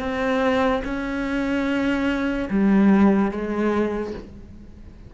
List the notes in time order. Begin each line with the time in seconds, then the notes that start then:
0.00 C4
0.84 C#4
2.50 G3
3.32 G#3